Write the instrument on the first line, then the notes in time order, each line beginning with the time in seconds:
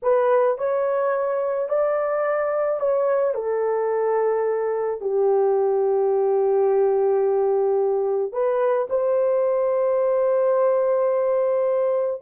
horn
0.02 B4
0.58 C#5
1.68 D5
2.80 C#5
3.34 A4
5.00 G4
8.32 B4
8.89 C5